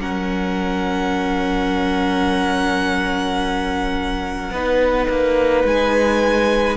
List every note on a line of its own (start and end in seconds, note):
0.00 4.51 F#3
0.00 4.53 C#4
0.00 4.54 A#4
0.00 5.67 F#5
4.51 5.07 B3
4.51 6.77 D#4
4.51 6.77 B4
5.09 5.64 A#3
5.64 6.77 G#3
5.64 6.77 G#5